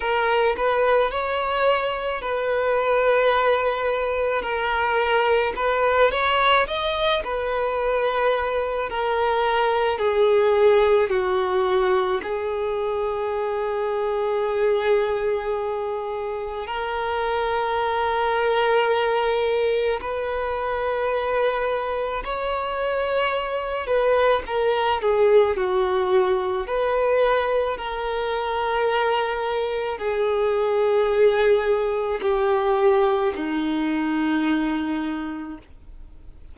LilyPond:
\new Staff \with { instrumentName = "violin" } { \time 4/4 \tempo 4 = 54 ais'8 b'8 cis''4 b'2 | ais'4 b'8 cis''8 dis''8 b'4. | ais'4 gis'4 fis'4 gis'4~ | gis'2. ais'4~ |
ais'2 b'2 | cis''4. b'8 ais'8 gis'8 fis'4 | b'4 ais'2 gis'4~ | gis'4 g'4 dis'2 | }